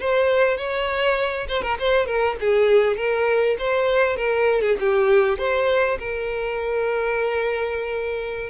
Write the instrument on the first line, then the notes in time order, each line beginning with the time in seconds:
violin
0.00 C5
0.57 C#5
1.48 C5
1.62 A#4
1.79 C5
2.06 A#4
2.40 G#4
2.96 A#4
3.58 C5
4.16 A#4
4.61 G#4
4.79 G4
5.38 C5
5.99 A#4